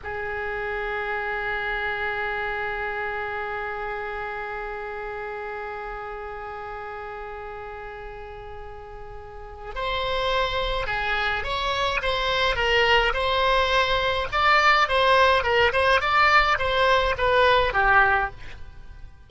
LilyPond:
\new Staff \with { instrumentName = "oboe" } { \time 4/4 \tempo 4 = 105 gis'1~ | gis'1~ | gis'1~ | gis'1~ |
gis'4 c''2 gis'4 | cis''4 c''4 ais'4 c''4~ | c''4 d''4 c''4 ais'8 c''8 | d''4 c''4 b'4 g'4 | }